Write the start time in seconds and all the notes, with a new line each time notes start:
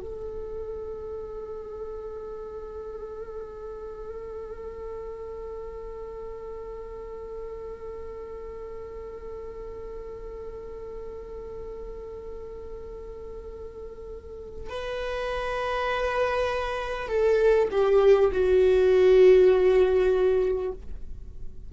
0.00 A4
14.69 B4
17.08 A4
17.71 G4
18.32 F#4